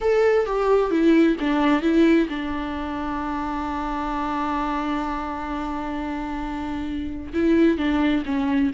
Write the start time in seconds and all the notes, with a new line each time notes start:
0.00 A4
0.46 G4
0.90 E4
1.40 D4
1.82 E4
2.29 D4
7.33 E4
7.77 D4
8.25 C#4